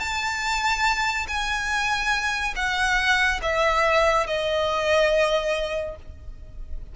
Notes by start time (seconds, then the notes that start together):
0.00 A5
1.28 G#5
2.56 F#5
3.43 E5
4.27 D#5